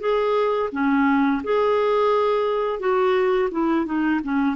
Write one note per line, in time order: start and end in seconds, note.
0.00 0.69 G#4
0.72 1.42 C#4
1.44 2.79 G#4
2.79 3.49 F#4
3.51 3.86 E4
3.86 4.21 D#4
4.24 4.56 C#4